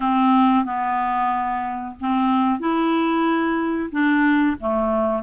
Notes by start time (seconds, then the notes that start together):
0.00 C4
0.64 B3
2.00 C4
2.59 E4
3.91 D4
4.60 A3